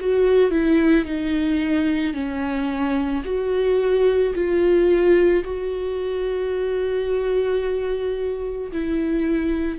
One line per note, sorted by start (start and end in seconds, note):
0.00 0.51 F#4
0.51 1.05 E4
1.05 2.14 D#4
2.14 3.23 C#4
3.25 4.34 F#4
4.34 5.43 F4
5.44 8.71 F#4
8.72 9.78 E4